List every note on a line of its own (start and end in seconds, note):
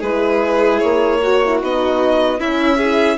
0.00 0.81 G#3
0.00 1.23 E4
0.00 1.18 G#4
0.00 0.79 B4
0.79 1.62 A#3
0.79 1.58 C#5
1.23 2.40 F#4
1.23 1.43 F#4
1.44 1.61 E4
1.61 2.39 B3
1.61 2.40 D#4
1.61 2.40 D#5
2.39 3.18 C#4
2.39 2.80 C#4
2.39 2.77 E4
2.39 3.18 E5
2.77 3.18 E4
2.77 3.17 G#4